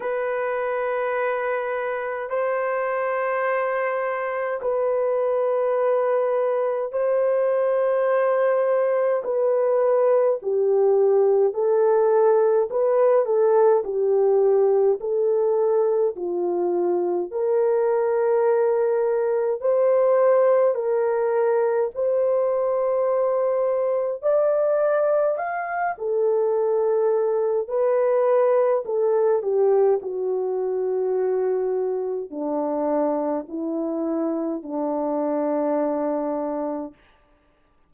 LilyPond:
\new Staff \with { instrumentName = "horn" } { \time 4/4 \tempo 4 = 52 b'2 c''2 | b'2 c''2 | b'4 g'4 a'4 b'8 a'8 | g'4 a'4 f'4 ais'4~ |
ais'4 c''4 ais'4 c''4~ | c''4 d''4 f''8 a'4. | b'4 a'8 g'8 fis'2 | d'4 e'4 d'2 | }